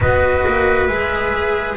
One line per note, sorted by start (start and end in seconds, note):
0.00 0.45 B3
0.00 0.88 F#4
0.00 1.76 B4
0.00 0.87 D#5
0.47 0.88 A#3
0.87 1.76 G#3
0.87 1.76 G#4
0.87 1.75 E5